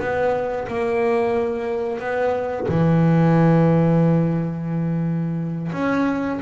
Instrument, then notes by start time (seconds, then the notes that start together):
double bass
0.00 B3
0.68 A#3
1.99 B3
2.69 E3
5.72 C#4